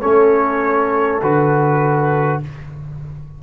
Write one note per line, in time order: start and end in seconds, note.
0.00 1.21 A3
0.00 1.21 C#4
0.00 2.41 A4
0.00 1.20 C#5
1.21 2.41 D3
1.21 2.42 F#4
1.21 2.42 B4